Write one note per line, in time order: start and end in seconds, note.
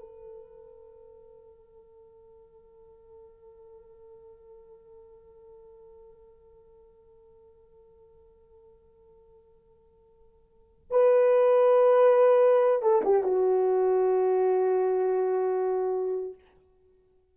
0.00 10.91 A4
10.91 12.83 B4
12.83 13.02 A4
13.05 13.24 G4
13.24 16.35 F#4